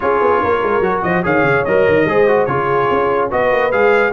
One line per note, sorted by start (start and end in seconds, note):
0.00 0.21 C#4
0.00 0.82 F4
0.00 0.42 G#4
0.00 1.02 C#5
0.21 0.42 B3
0.42 0.62 A#3
0.42 1.04 A#4
0.62 0.80 G#3
0.80 1.01 F#3
0.80 1.23 F#4
1.02 1.24 F3
1.02 1.23 C5
1.02 1.23 D#5
1.23 1.42 D#3
1.23 1.65 G#4
1.23 2.06 C#5
1.23 1.64 F5
1.42 1.63 C#3
1.64 1.87 F#3
1.64 2.08 A#4
1.64 2.45 D#5
1.87 2.04 D#3
2.04 2.46 G#3
2.04 2.27 G#4
2.04 2.50 C5
2.27 2.47 F#4
2.45 2.88 C#3
2.45 3.30 F4
2.45 3.30 G#4
2.45 3.28 C#5
2.90 3.31 C#4
3.30 3.51 B3
3.30 3.71 F#4
3.30 4.12 B4
3.30 3.71 D#5
3.51 3.71 A#3
3.71 4.12 G#3
3.71 4.12 G#4
3.71 4.12 F5